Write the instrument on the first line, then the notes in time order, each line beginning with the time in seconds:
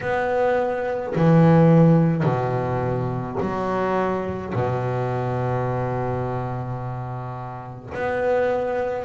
double bass
0.01 B3
1.15 E3
2.23 B2
3.40 F#3
4.53 B2
7.93 B3